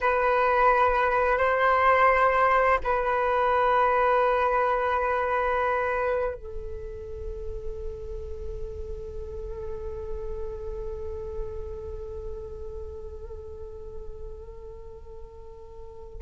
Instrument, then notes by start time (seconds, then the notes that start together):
flute
0.01 B4
1.38 C5
2.83 B4
6.34 A4